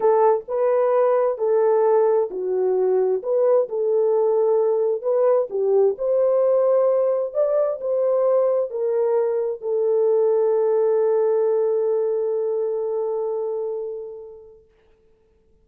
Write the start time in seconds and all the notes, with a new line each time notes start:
0.00 A4
0.48 B4
1.37 A4
2.30 F#4
3.22 B4
3.68 A4
5.02 B4
5.50 G4
5.98 C5
7.33 D5
7.80 C5
8.70 A#4
9.61 A4